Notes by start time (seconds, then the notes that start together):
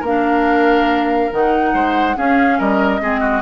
0.00 A#3 D4 A#4 F5
1.31 D#3 D#4 F#5
1.74 G#3 C5
2.16 C#4 G#4 F5
2.58 G3 A#4 D#5
3.01 G#3 C4 G#4
3.21 F#4